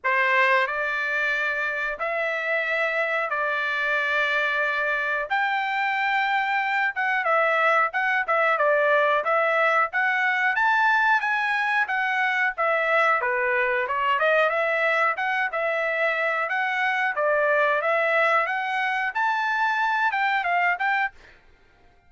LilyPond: \new Staff \with { instrumentName = "trumpet" } { \time 4/4 \tempo 4 = 91 c''4 d''2 e''4~ | e''4 d''2. | g''2~ g''8 fis''8 e''4 | fis''8 e''8 d''4 e''4 fis''4 |
a''4 gis''4 fis''4 e''4 | b'4 cis''8 dis''8 e''4 fis''8 e''8~ | e''4 fis''4 d''4 e''4 | fis''4 a''4. g''8 f''8 g''8 | }